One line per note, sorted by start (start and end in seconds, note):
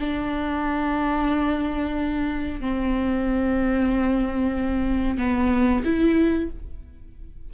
0.00 2.61 D4
2.61 5.18 C4
5.18 5.83 B3
5.84 6.49 E4